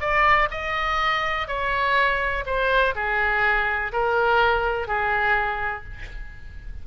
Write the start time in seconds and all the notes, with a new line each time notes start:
0.00 D5
0.50 D#5
1.47 C#5
2.46 C5
2.95 G#4
3.92 A#4
4.87 G#4